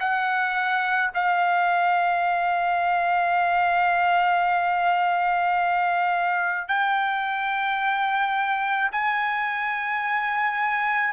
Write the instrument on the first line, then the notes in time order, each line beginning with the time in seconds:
trumpet
0.00 F#5
1.15 F5
6.68 G5
8.92 G#5